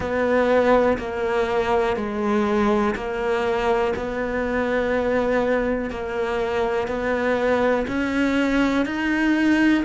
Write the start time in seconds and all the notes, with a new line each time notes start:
0.00 B3
0.98 A#3
1.96 G#3
2.95 A#3
3.96 B3
5.90 A#3
6.87 B3
7.87 C#4
8.85 D#4